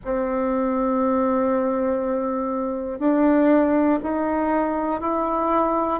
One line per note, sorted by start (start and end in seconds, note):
0.04 2.99 C4
2.99 3.99 D4
4.02 5.00 D#4
5.00 6.00 E4